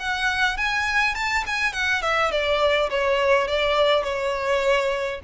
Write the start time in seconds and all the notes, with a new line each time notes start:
0.00 F#5
0.57 G#5
1.15 A5
1.46 G#5
1.73 F#5
2.02 E5
2.32 D5
2.90 C#5
3.48 D5
4.04 C#5